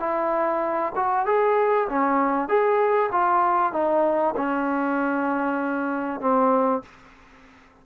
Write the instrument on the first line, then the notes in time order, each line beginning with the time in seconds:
trombone
0.00 E4
0.96 F#4
1.26 G#4
1.89 C#4
2.49 G#4
3.12 F4
3.73 D#4
4.36 C#4
6.21 C4